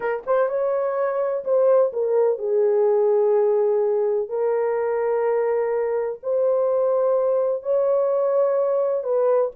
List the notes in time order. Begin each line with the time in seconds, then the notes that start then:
0.00 A#4
0.26 C5
0.48 C#5
1.44 C5
1.92 A#4
2.38 G#4
4.29 A#4
6.22 C5
7.63 C#5
9.03 B4